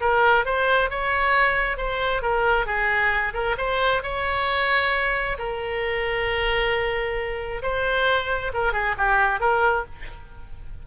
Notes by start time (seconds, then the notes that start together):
0.00 A#4
0.45 C5
0.89 C#5
1.77 C5
2.21 A#4
2.66 G#4
3.33 A#4
3.57 C5
4.03 C#5
5.38 A#4
7.62 C5
8.53 A#4
8.72 G#4
8.97 G4
9.39 A#4